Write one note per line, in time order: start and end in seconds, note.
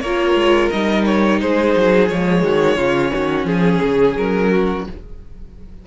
0.00 0.34 A#3
0.00 0.72 F4
0.00 1.41 A#4
0.00 0.69 C#5
0.35 0.69 G#3
0.70 1.41 G3
0.70 2.10 D#4
0.70 1.04 D#5
1.06 1.40 C#5
1.41 1.76 G#3
1.41 2.44 G#4
1.41 2.07 C5
1.76 2.10 F#3
2.07 2.43 F3
2.07 2.79 G#3
2.07 3.45 C#5
2.43 2.76 D#3
2.43 2.77 F#4
2.76 3.11 C#3
2.76 4.87 C#4
2.76 3.11 F4
3.13 3.45 D#3
3.13 3.48 F#4
3.45 3.79 F3
3.45 4.15 G#4
3.52 4.51 G#4
3.81 4.16 C#3
4.17 4.87 F#3
4.17 4.86 A#4
4.51 4.86 F#4